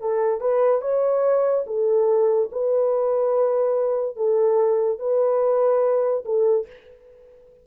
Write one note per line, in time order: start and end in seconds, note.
0.00 0.41 A4
0.41 0.81 B4
0.81 1.64 C#5
1.66 2.50 A4
2.52 4.16 B4
4.16 4.99 A4
4.99 6.24 B4
6.25 6.67 A4